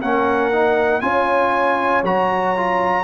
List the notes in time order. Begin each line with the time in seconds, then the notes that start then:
0.00 A#3 C#4 A#4 F#5
0.53 D#4
1.01 C#4 F4 C#5 G#5
2.03 F#3 F#4 A#5
2.57 F4